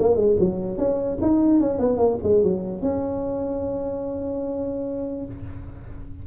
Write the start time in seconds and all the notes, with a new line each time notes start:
0.00 A#3
0.16 G#3
0.40 F#3
0.78 C#4
1.22 D#4
1.61 C#4
1.79 B3
1.98 A#3
2.23 G#3
2.44 F#3
2.82 C#4